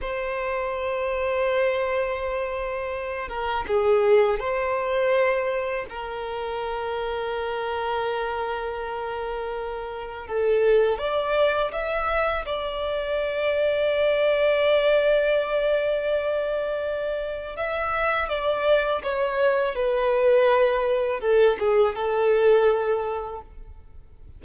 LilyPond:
\new Staff \with { instrumentName = "violin" } { \time 4/4 \tempo 4 = 82 c''1~ | c''8 ais'8 gis'4 c''2 | ais'1~ | ais'2 a'4 d''4 |
e''4 d''2.~ | d''1 | e''4 d''4 cis''4 b'4~ | b'4 a'8 gis'8 a'2 | }